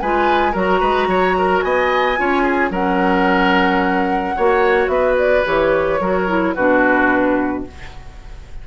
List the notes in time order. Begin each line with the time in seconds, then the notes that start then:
0.00 G#3 F4 B4 G#5
0.52 F#3 F#4 A#4 A#5
0.80 G#3 B4
1.07 F#3 C#5
1.38 A#4
1.62 B3 D#5 G#5
2.16 C#4 F4 C#5
2.42 G#4
2.70 F#3 C#4 A#4 F#5
4.36 A#3 F#4 C#5
4.87 B3 B4 E5
5.18 D5
5.45 E3 G4 C#5
6.00 F#3 F#4 A#4
6.28 E4
6.55 B2 D4 F#4 B4